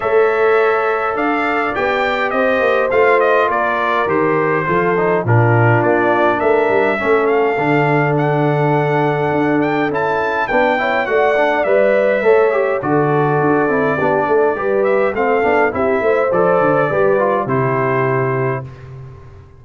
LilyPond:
<<
  \new Staff \with { instrumentName = "trumpet" } { \time 4/4 \tempo 4 = 103 e''2 f''4 g''4 | dis''4 f''8 dis''8 d''4 c''4~ | c''4 ais'4 d''4 e''4~ | e''8 f''4. fis''2~ |
fis''8 g''8 a''4 g''4 fis''4 | e''2 d''2~ | d''4. e''8 f''4 e''4 | d''2 c''2 | }
  \new Staff \with { instrumentName = "horn" } { \time 4/4 cis''2 d''2 | c''2 ais'2 | a'4 f'2 ais'4 | a'1~ |
a'2 b'8 cis''8 d''4~ | d''4 cis''4 a'2 | g'8 a'8 b'4 a'4 g'8 c''8~ | c''4 b'4 g'2 | }
  \new Staff \with { instrumentName = "trombone" } { \time 4/4 a'2. g'4~ | g'4 f'2 g'4 | f'8 dis'8 d'2. | cis'4 d'2.~ |
d'4 e'4 d'8 e'8 fis'8 d'8 | b'4 a'8 g'8 fis'4. e'8 | d'4 g'4 c'8 d'8 e'4 | a'4 g'8 f'8 e'2 | }
  \new Staff \with { instrumentName = "tuba" } { \time 4/4 a2 d'4 b4 | c'8 ais8 a4 ais4 dis4 | f4 ais,4 ais4 a8 g8 | a4 d2. |
d'4 cis'4 b4 a4 | g4 a4 d4 d'8 c'8 | b8 a8 g4 a8 b8 c'8 a8 | f8 d8 g4 c2 | }
>>